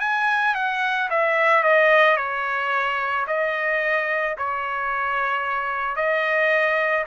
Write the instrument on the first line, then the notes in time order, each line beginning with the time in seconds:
trumpet
0.00 G#5
0.55 F#5
1.10 E5
1.63 D#5
2.17 C#5
3.27 D#5
4.38 C#5
5.96 D#5